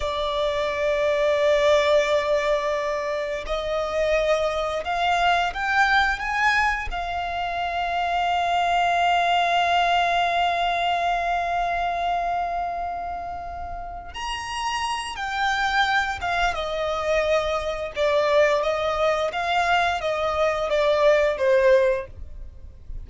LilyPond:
\new Staff \with { instrumentName = "violin" } { \time 4/4 \tempo 4 = 87 d''1~ | d''4 dis''2 f''4 | g''4 gis''4 f''2~ | f''1~ |
f''1~ | f''8 ais''4. g''4. f''8 | dis''2 d''4 dis''4 | f''4 dis''4 d''4 c''4 | }